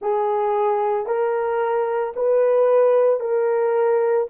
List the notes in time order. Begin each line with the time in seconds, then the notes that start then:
0.01 G#4
1.06 A#4
2.16 B4
3.19 A#4